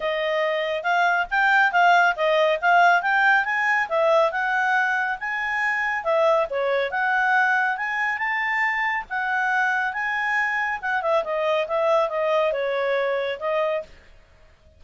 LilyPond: \new Staff \with { instrumentName = "clarinet" } { \time 4/4 \tempo 4 = 139 dis''2 f''4 g''4 | f''4 dis''4 f''4 g''4 | gis''4 e''4 fis''2 | gis''2 e''4 cis''4 |
fis''2 gis''4 a''4~ | a''4 fis''2 gis''4~ | gis''4 fis''8 e''8 dis''4 e''4 | dis''4 cis''2 dis''4 | }